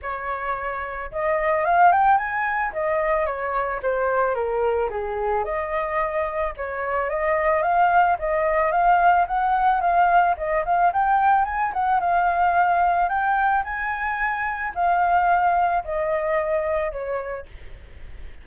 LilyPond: \new Staff \with { instrumentName = "flute" } { \time 4/4 \tempo 4 = 110 cis''2 dis''4 f''8 g''8 | gis''4 dis''4 cis''4 c''4 | ais'4 gis'4 dis''2 | cis''4 dis''4 f''4 dis''4 |
f''4 fis''4 f''4 dis''8 f''8 | g''4 gis''8 fis''8 f''2 | g''4 gis''2 f''4~ | f''4 dis''2 cis''4 | }